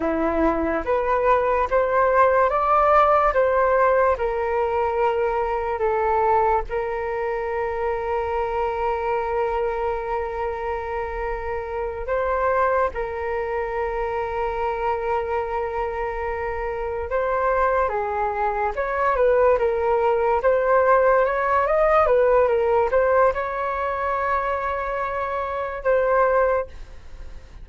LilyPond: \new Staff \with { instrumentName = "flute" } { \time 4/4 \tempo 4 = 72 e'4 b'4 c''4 d''4 | c''4 ais'2 a'4 | ais'1~ | ais'2~ ais'8 c''4 ais'8~ |
ais'1~ | ais'8 c''4 gis'4 cis''8 b'8 ais'8~ | ais'8 c''4 cis''8 dis''8 b'8 ais'8 c''8 | cis''2. c''4 | }